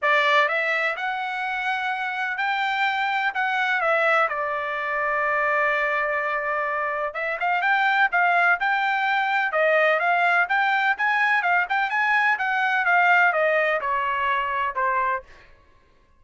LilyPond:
\new Staff \with { instrumentName = "trumpet" } { \time 4/4 \tempo 4 = 126 d''4 e''4 fis''2~ | fis''4 g''2 fis''4 | e''4 d''2.~ | d''2. e''8 f''8 |
g''4 f''4 g''2 | dis''4 f''4 g''4 gis''4 | f''8 g''8 gis''4 fis''4 f''4 | dis''4 cis''2 c''4 | }